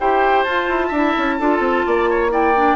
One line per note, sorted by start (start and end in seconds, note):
0.00 0.46 E4
0.00 0.47 G4
0.00 0.88 C5
0.00 0.44 G5
0.44 0.69 F4
0.44 0.93 F4
0.44 2.30 A5
0.69 0.91 E4
0.88 1.15 D4
0.88 1.35 E5
0.95 1.41 E4
1.18 1.40 C#4
1.40 1.60 D4
1.40 2.30 F4
1.40 1.86 A4
1.60 1.83 C4
1.87 2.76 A#3
1.87 2.10 D5
2.10 2.32 C#5
2.30 2.53 E4
2.30 2.76 D5
2.30 2.76 G5
2.57 2.76 D4